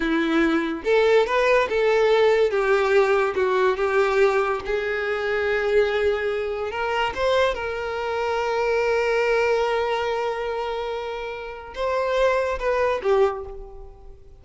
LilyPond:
\new Staff \with { instrumentName = "violin" } { \time 4/4 \tempo 4 = 143 e'2 a'4 b'4 | a'2 g'2 | fis'4 g'2 gis'4~ | gis'1 |
ais'4 c''4 ais'2~ | ais'1~ | ais'1 | c''2 b'4 g'4 | }